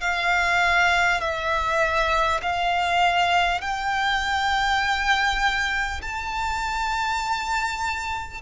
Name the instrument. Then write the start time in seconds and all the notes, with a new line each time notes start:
violin
0.00 F5
1.21 E5
2.42 F5
3.61 G5
6.01 A5